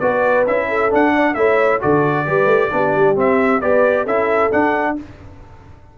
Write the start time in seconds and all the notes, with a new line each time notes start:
0.00 B3 F#4 B4 D5
0.47 C#4 E4 E5
0.69 A4
0.91 D4 F#5
1.14 D5
1.34 A3 E4 C#5 E5
1.81 D3 F#4 A4 D5
2.26 G3 G4 B4
2.46 A3
2.71 B3 D4 G4
2.96 G3
3.16 C4 E5
3.61 B3 G4 B4 D5
4.04 C#4 E4 A4 E5
4.51 D4 F#5